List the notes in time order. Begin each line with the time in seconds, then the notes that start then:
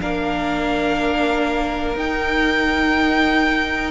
0.00 A#3 D4 A#4 F5
1.95 D#4 G5